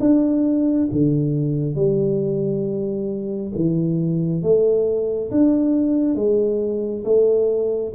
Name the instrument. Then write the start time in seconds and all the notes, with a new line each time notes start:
tuba
0.00 D4
0.92 D3
1.75 G3
3.55 E3
4.42 A3
5.31 D4
6.15 G#3
7.04 A3